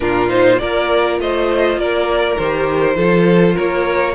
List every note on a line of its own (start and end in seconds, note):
0.00 0.60 A#2
0.00 0.28 D4
0.00 0.60 F4
0.00 0.29 A#4
0.28 0.58 D#4
0.28 0.58 C5
0.58 1.19 A#3
0.58 2.37 F4
0.58 1.19 A#4
0.58 1.18 D5
1.19 1.76 A3
1.19 1.79 C5
1.19 1.79 D#5
1.76 2.36 A#3
1.76 2.97 A#4
1.76 2.38 D5
2.38 2.95 D#3
2.38 2.94 G4
2.38 3.57 C5
2.94 3.55 F3
2.94 4.13 F4
2.94 3.54 A4
3.54 4.14 A#3
3.54 4.14 A#4
3.54 4.14 C#5